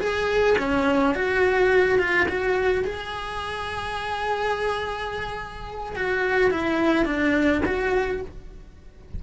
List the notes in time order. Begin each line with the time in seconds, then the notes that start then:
0.00 G#4
0.59 C#4
1.15 F#4
1.99 F4
2.28 F#4
2.84 G#4
5.96 F#4
6.51 E4
7.05 D4
7.65 F#4